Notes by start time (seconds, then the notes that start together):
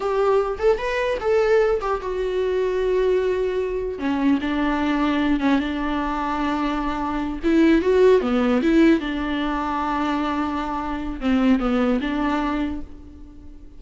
0.00 G4
0.59 A4
0.77 B4
1.20 A4
1.80 G4
2.01 F#4
3.99 C#4
4.41 D4
5.39 C#4
5.59 D4
7.43 E4
7.81 F#4
8.21 B3
8.62 E4
9.00 D4
11.20 C4
11.59 B3
12.01 D4